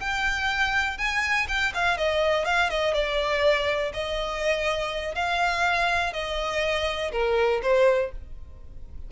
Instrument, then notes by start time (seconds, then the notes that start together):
violin
0.00 G5
0.98 G#5
1.48 G5
1.75 F5
1.98 D#5
2.45 F5
2.70 D#5
2.94 D5
3.94 D#5
5.15 F5
6.13 D#5
7.12 A#4
7.63 C5